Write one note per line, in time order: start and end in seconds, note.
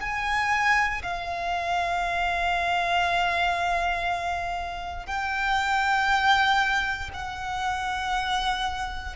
0.00 1.02 G#5
1.03 5.06 F5
5.06 7.10 G5
7.13 9.16 F#5